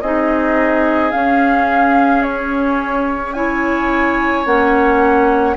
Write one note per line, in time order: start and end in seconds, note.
0.00 1.12 C4
0.00 1.11 D#4
0.00 3.35 G#4
0.00 1.11 D#5
1.11 3.33 C#4
1.11 4.45 C#4
1.11 2.22 F5
2.22 3.33 C#5
3.33 4.45 E4
3.33 5.56 C#5
3.33 4.44 G#5
4.45 5.56 A#3
4.45 5.56 C#4
4.45 5.56 F#5